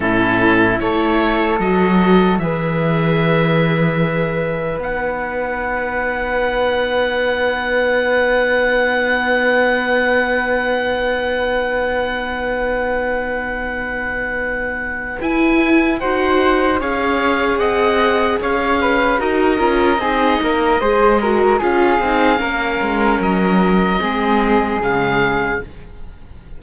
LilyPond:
<<
  \new Staff \with { instrumentName = "oboe" } { \time 4/4 \tempo 4 = 75 a'4 cis''4 dis''4 e''4~ | e''2 fis''2~ | fis''1~ | fis''1~ |
fis''2. gis''4 | fis''4 f''4 fis''4 f''4 | dis''2. f''4~ | f''4 dis''2 f''4 | }
  \new Staff \with { instrumentName = "flute" } { \time 4/4 e'4 a'2 b'4~ | b'1~ | b'1~ | b'1~ |
b'1 | c''4 cis''4 dis''4 cis''8 b'8 | ais'4 gis'8 ais'8 c''8 ais'8 gis'4 | ais'2 gis'2 | }
  \new Staff \with { instrumentName = "viola" } { \time 4/4 cis'4 e'4 fis'4 gis'4~ | gis'2 dis'2~ | dis'1~ | dis'1~ |
dis'2. e'4 | fis'4 gis'2. | fis'8 f'8 dis'4 gis'8 fis'8 f'8 dis'8 | cis'2 c'4 gis4 | }
  \new Staff \with { instrumentName = "cello" } { \time 4/4 a,4 a4 fis4 e4~ | e2 b2~ | b1~ | b1~ |
b2. e'4 | dis'4 cis'4 c'4 cis'4 | dis'8 cis'8 c'8 ais8 gis4 cis'8 c'8 | ais8 gis8 fis4 gis4 cis4 | }
>>